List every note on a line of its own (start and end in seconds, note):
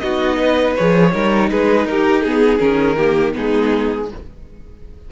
0.00 0.77 B3
0.00 0.78 D#4
0.00 0.37 F#4
0.00 0.74 D#5
0.37 1.11 B4
0.76 1.14 F3
0.76 1.12 G#4
0.76 1.50 C#5
1.12 1.51 G3
1.12 2.23 D#4
1.12 1.50 A#4
1.51 1.86 G#3
1.51 1.88 G#4
1.51 1.87 B4
1.86 2.60 D#4
1.86 2.27 G4
1.86 2.23 A#4
2.23 2.59 B3
2.23 2.60 G#4
2.23 2.97 G#4
2.59 3.35 D#3
2.59 2.96 C#4
2.59 3.34 A#4
2.97 3.33 A#3
2.97 3.34 G4
3.33 4.12 G#3
3.33 4.07 B3
3.33 4.11 D#4
3.33 4.10 G#4